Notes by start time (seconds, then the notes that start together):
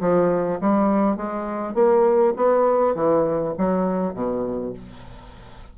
0.00 F3
0.60 G3
1.16 G#3
1.74 A#3
2.36 B3
2.95 E3
3.58 F#3
4.13 B2